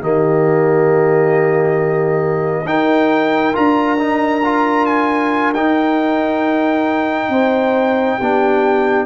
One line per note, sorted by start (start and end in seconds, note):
0.00 2.64 D#3
0.00 2.65 A#3
0.00 2.67 G4
0.00 2.66 D#5
2.64 3.52 D#4
2.64 3.53 D#4
2.64 7.30 A#4
2.64 3.54 G5
3.53 5.54 D4
3.53 3.97 F4
3.53 4.86 A#5
3.98 4.42 D#4
4.44 5.54 F4
4.86 5.52 G#5
5.54 7.28 D#4
5.54 8.20 D#4
5.54 9.05 G5
7.28 8.17 C4
7.28 8.18 C5
8.18 9.05 B3
8.18 9.05 D4
8.18 9.05 G4